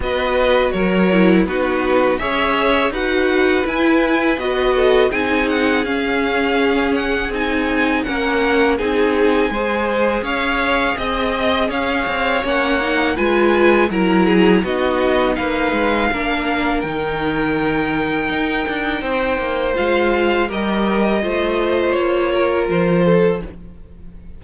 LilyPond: <<
  \new Staff \with { instrumentName = "violin" } { \time 4/4 \tempo 4 = 82 dis''4 cis''4 b'4 e''4 | fis''4 gis''4 dis''4 gis''8 fis''8 | f''4. fis''8 gis''4 fis''4 | gis''2 f''4 dis''4 |
f''4 fis''4 gis''4 ais''4 | dis''4 f''2 g''4~ | g''2. f''4 | dis''2 cis''4 c''4 | }
  \new Staff \with { instrumentName = "violin" } { \time 4/4 b'4 ais'4 fis'4 cis''4 | b'2~ b'8 a'8 gis'4~ | gis'2. ais'4 | gis'4 c''4 cis''4 dis''4 |
cis''2 b'4 ais'8 gis'8 | fis'4 b'4 ais'2~ | ais'2 c''2 | ais'4 c''4. ais'4 a'8 | }
  \new Staff \with { instrumentName = "viola" } { \time 4/4 fis'4. e'8 dis'4 gis'4 | fis'4 e'4 fis'4 dis'4 | cis'2 dis'4 cis'4 | dis'4 gis'2.~ |
gis'4 cis'8 dis'8 f'4 e'4 | dis'2 d'4 dis'4~ | dis'2. f'4 | g'4 f'2. | }
  \new Staff \with { instrumentName = "cello" } { \time 4/4 b4 fis4 b4 cis'4 | dis'4 e'4 b4 c'4 | cis'2 c'4 ais4 | c'4 gis4 cis'4 c'4 |
cis'8 c'8 ais4 gis4 fis4 | b4 ais8 gis8 ais4 dis4~ | dis4 dis'8 d'8 c'8 ais8 gis4 | g4 a4 ais4 f4 | }
>>